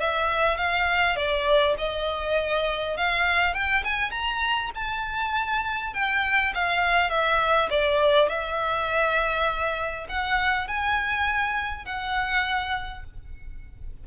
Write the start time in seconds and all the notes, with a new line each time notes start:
0.00 E5
0.58 F5
1.16 D5
1.78 D#5
2.97 F5
3.54 G5
3.84 G#5
4.11 A#5
4.75 A5
5.94 G5
6.55 F5
7.10 E5
7.70 D5
8.29 E5
10.09 F#5
10.68 G#5
11.85 F#5